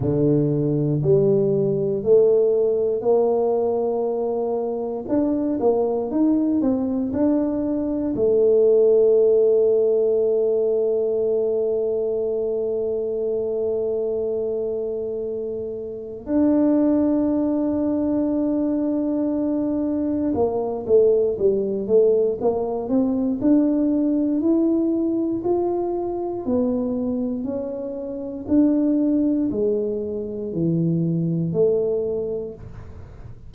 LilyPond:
\new Staff \with { instrumentName = "tuba" } { \time 4/4 \tempo 4 = 59 d4 g4 a4 ais4~ | ais4 d'8 ais8 dis'8 c'8 d'4 | a1~ | a1 |
d'1 | ais8 a8 g8 a8 ais8 c'8 d'4 | e'4 f'4 b4 cis'4 | d'4 gis4 e4 a4 | }